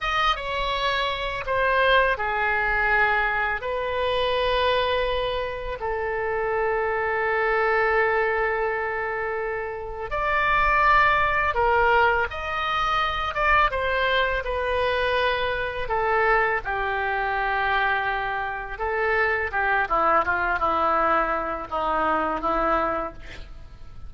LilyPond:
\new Staff \with { instrumentName = "oboe" } { \time 4/4 \tempo 4 = 83 dis''8 cis''4. c''4 gis'4~ | gis'4 b'2. | a'1~ | a'2 d''2 |
ais'4 dis''4. d''8 c''4 | b'2 a'4 g'4~ | g'2 a'4 g'8 e'8 | f'8 e'4. dis'4 e'4 | }